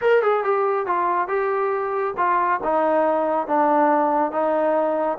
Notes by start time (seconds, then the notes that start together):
0.01 A#4
0.22 G#4
0.44 G4
0.86 F4
1.28 G4
2.17 F4
2.63 D#4
3.47 D4
4.31 D#4